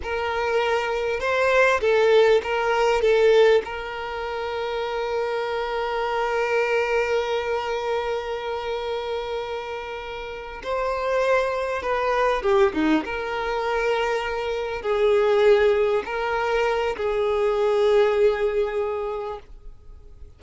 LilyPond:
\new Staff \with { instrumentName = "violin" } { \time 4/4 \tempo 4 = 99 ais'2 c''4 a'4 | ais'4 a'4 ais'2~ | ais'1~ | ais'1~ |
ais'4. c''2 b'8~ | b'8 g'8 dis'8 ais'2~ ais'8~ | ais'8 gis'2 ais'4. | gis'1 | }